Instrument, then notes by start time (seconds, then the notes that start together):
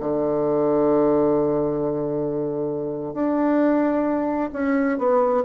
bassoon
0.00 D3
3.14 D4
4.53 C#4
4.98 B3